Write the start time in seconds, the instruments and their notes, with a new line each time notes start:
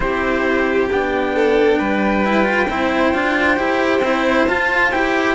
0.00 cello C4 E4, violin G4, trumpet C5
0.90 cello B3 D4, trumpet G5
1.35 violin A4
1.79 cello G3, violin B4
2.24 cello E4
2.43 cello F4
2.69 cello C4 E4, violin C5
3.13 cello D4 F4
3.56 cello E4 G4
3.99 cello C4 E4
4.48 cello F4, trumpet A5
4.91 cello E4 G4, trumpet G5